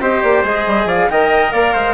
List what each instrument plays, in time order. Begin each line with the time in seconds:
0.00 bassoon C4, cello G4, trumpet C5, flute D#5
0.22 bassoon A#3, flute D5
0.44 bassoon G#3, cello G#4, flute D#5
0.66 bassoon G3
0.85 bassoon F3, trumpet D5, flute F5
1.10 bassoon D#3, cello A#4, trumpet D#5, flute G5
1.51 bassoon A#3, trumpet D5, flute F5
1.73 bassoon G#3, trumpet C5